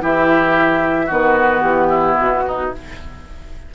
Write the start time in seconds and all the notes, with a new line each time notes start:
0.00 E3 E4 G4 E5
1.06 D#3 B3 F#4 B4
1.61 E3 G4
1.89 E4
2.17 B2 F#4
2.47 D#4